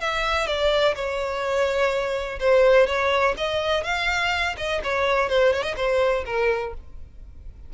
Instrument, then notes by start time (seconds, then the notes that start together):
violin
0.00 E5
0.47 D5
0.95 C#5
2.40 C5
2.87 C#5
3.37 D#5
3.83 F5
4.57 D#5
4.84 C#5
5.29 C5
5.53 C#5
5.63 D#5
5.76 C5
6.25 A#4